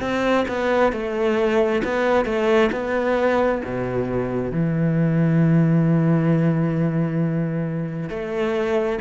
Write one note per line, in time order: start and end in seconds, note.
0.00 0.45 C4
0.48 0.92 B3
0.92 1.82 A3
1.84 2.25 B3
2.25 2.69 A3
2.72 3.61 B3
3.64 4.51 B2
4.51 8.09 E3
8.09 8.98 A3